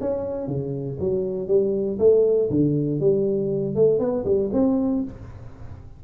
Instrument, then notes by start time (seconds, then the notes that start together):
tuba
0.00 C#4
0.47 C#3
1.00 F#3
1.47 G3
1.98 A3
2.50 D3
3.00 G3
3.75 A3
3.99 B3
4.25 G3
4.53 C4